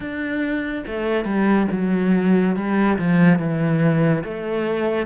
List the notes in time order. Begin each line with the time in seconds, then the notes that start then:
0.00 D4
0.86 A3
1.24 G3
1.71 F#3
2.55 G3
2.98 F3
3.38 E3
4.24 A3